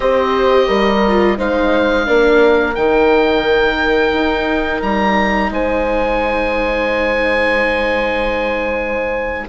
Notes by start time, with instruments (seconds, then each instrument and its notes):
0.00 bassoon C4, viola G4, horn C5, oboe D#5
0.67 bassoon G3, horn A#4
1.07 viola F4
1.37 bassoon G#3, viola D#4, horn C5, oboe F5
2.06 bassoon A#3, viola D4, horn A#4
2.74 bassoon D#3, viola D#4, oboe G5
4.12 bassoon D#4
4.81 bassoon G3, oboe A#5
5.50 bassoon G#3, horn C5, oboe G#5